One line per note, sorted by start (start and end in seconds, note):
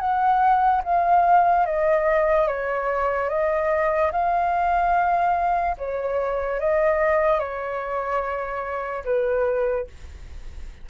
0.00 0.82 F#5
0.84 1.66 F5
1.66 2.48 D#5
2.48 3.30 C#5
3.30 4.12 D#5
4.12 5.76 F5
5.78 6.60 C#5
6.60 7.40 D#5
7.40 9.04 C#5
9.05 9.87 B4